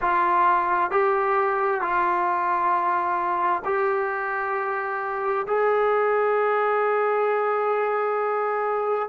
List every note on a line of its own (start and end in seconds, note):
0.01 0.90 F4
0.90 1.81 G4
1.81 3.62 F4
3.64 5.46 G4
5.47 9.09 G#4